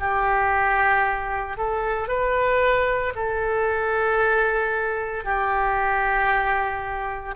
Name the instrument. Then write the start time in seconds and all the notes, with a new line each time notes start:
oboe
0.00 G4
1.58 A4
2.08 B4
3.16 A4
5.25 G4